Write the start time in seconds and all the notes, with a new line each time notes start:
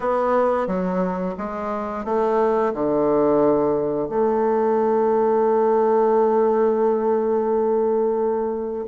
0.00 B3
0.67 F#3
1.37 G#3
2.05 A3
2.73 D3
4.08 A3